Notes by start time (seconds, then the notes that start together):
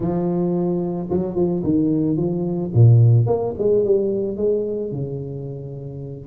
0.00 F3
1.10 F#3
1.35 F3
1.63 D#3
2.16 F3
2.73 A#2
3.26 A#3
3.58 G#3
3.84 G3
4.36 G#3
4.91 C#3